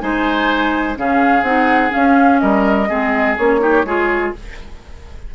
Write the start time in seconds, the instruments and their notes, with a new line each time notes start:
0.00 bassoon G#3, clarinet D#4, oboe C5, flute G#5
0.96 bassoon C#3, clarinet C#4, oboe G#4, flute F5
1.42 bassoon C4, clarinet D#4, flute F#5
1.90 clarinet C#4, flute F5
1.96 bassoon C#4
2.40 bassoon G3, oboe A#4, flute D#5
2.89 bassoon G#3, clarinet C4, oboe G#4
3.37 bassoon A#3, clarinet C#4, flute C#5
3.60 clarinet D#4, oboe G4
3.84 bassoon G#3, clarinet F4, oboe G#4